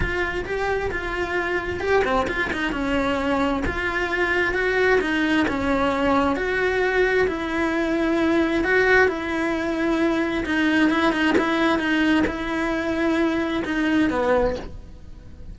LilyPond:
\new Staff \with { instrumentName = "cello" } { \time 4/4 \tempo 4 = 132 f'4 g'4 f'2 | g'8 c'8 f'8 dis'8 cis'2 | f'2 fis'4 dis'4 | cis'2 fis'2 |
e'2. fis'4 | e'2. dis'4 | e'8 dis'8 e'4 dis'4 e'4~ | e'2 dis'4 b4 | }